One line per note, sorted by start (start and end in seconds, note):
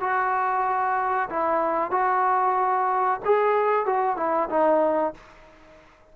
0.00 1.29 F#4
1.29 1.91 E4
1.91 3.20 F#4
3.25 3.86 G#4
3.86 4.17 F#4
4.17 4.49 E4
4.49 5.14 D#4